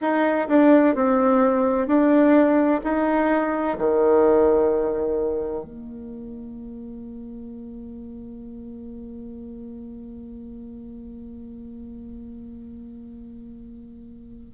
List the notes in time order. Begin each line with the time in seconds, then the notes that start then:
0.01 D#4
0.48 D4
0.95 C4
1.87 D4
2.83 D#4
3.78 D#3
5.64 A#3